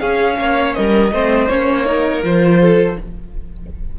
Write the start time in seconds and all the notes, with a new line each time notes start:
0.00 C#4 G#4 F5
0.38 A#3 C#5
0.74 G3 A#4 D#5
1.11 A3 C4 C5
1.48 A#3 C#4 C#5
1.85 D#4 A#4
2.23 F3 F4 C5
2.61 A4